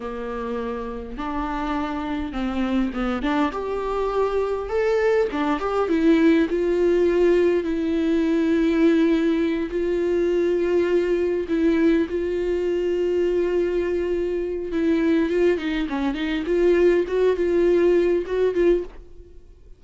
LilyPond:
\new Staff \with { instrumentName = "viola" } { \time 4/4 \tempo 4 = 102 ais2 d'2 | c'4 b8 d'8 g'2 | a'4 d'8 g'8 e'4 f'4~ | f'4 e'2.~ |
e'8 f'2. e'8~ | e'8 f'2.~ f'8~ | f'4 e'4 f'8 dis'8 cis'8 dis'8 | f'4 fis'8 f'4. fis'8 f'8 | }